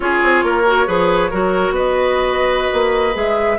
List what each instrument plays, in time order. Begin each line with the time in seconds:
0.00 bassoon C#4, clarinet F4, oboe G#4, flute C#5
0.23 bassoon C4
0.43 bassoon A#3, oboe A#4
0.66 clarinet F#4
0.86 bassoon F3, clarinet G#4, oboe B4
1.30 bassoon F#3, clarinet F#4, oboe A#4
1.70 bassoon B3, oboe B4, flute D#5
2.72 bassoon A#3
3.13 bassoon G#3, clarinet G#4, flute E5